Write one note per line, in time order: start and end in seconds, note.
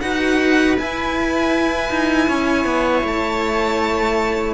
0.00 0.78 D#4
0.00 0.78 F#4
0.00 2.29 B4
0.00 0.76 F#5
0.78 1.90 E4
0.78 4.54 E4
0.78 3.06 G#5
1.90 2.28 D#4
2.28 2.65 C#4
2.28 4.54 C#5
2.65 3.03 B3
3.03 4.54 A3
3.03 4.54 A5